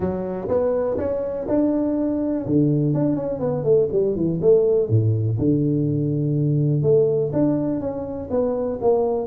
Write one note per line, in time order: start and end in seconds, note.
0.00 0.47 F#3
0.48 0.97 B3
0.97 1.46 C#4
1.48 2.45 D4
2.46 2.94 D3
2.94 3.16 D4
3.16 3.39 C#4
3.39 3.63 B3
3.63 3.88 A3
3.92 4.15 G3
4.15 4.40 E3
4.41 4.89 A3
4.89 5.37 A2
5.38 6.82 D3
6.82 7.31 A3
7.33 7.80 D4
7.80 8.29 C#4
8.30 8.79 B3
8.81 9.26 A#3